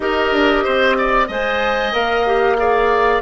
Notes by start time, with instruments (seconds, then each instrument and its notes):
0.00 bassoon D#4, clarinet G4, oboe A#4, flute D#5
0.32 bassoon D4
0.64 bassoon C4, oboe C5
0.97 oboe D5
1.27 bassoon G#3, clarinet C5, oboe D#5, flute G#5
1.92 bassoon A#3, clarinet A#4, flute F5
2.26 clarinet G4
2.57 clarinet G#4, oboe D5